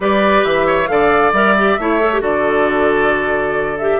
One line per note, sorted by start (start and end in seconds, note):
0.00 0.43 G3
0.00 0.87 G4
0.00 0.66 B4
0.00 0.44 D5
0.44 0.88 E3
0.44 0.87 E5
0.66 0.88 C#5
0.87 1.32 D3
0.87 1.32 A4
0.87 1.80 D5
0.87 1.31 F5
1.32 1.76 G3
1.32 1.56 A#4
1.32 2.21 E5
1.57 1.79 G4
1.78 2.21 A3
1.78 2.00 E4
1.78 2.21 C#5
2.00 2.11 A4
2.12 2.21 G4
2.21 3.99 D3
2.21 3.76 F#4
2.21 3.99 A4
2.21 3.78 D5
3.78 4.00 G4
3.78 4.00 E5